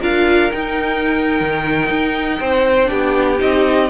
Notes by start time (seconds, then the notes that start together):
0.00 D4 F4 A#4 F5
0.52 D#4 G5
1.41 D#3
1.90 D#4
2.40 C4 C5
2.86 B3 D4 G4
3.38 C4 D#4 D#5